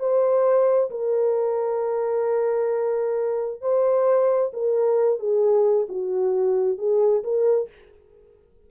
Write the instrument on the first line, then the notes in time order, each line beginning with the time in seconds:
horn
0.00 C5
0.91 A#4
3.62 C5
4.54 A#4
5.19 G#4
5.89 F#4
6.78 G#4
7.24 A#4